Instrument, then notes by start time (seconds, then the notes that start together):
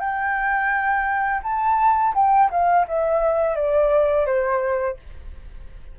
flute
0.00 G5
1.43 A5
2.14 G5
2.50 F5
2.87 E5
3.55 D5
4.26 C5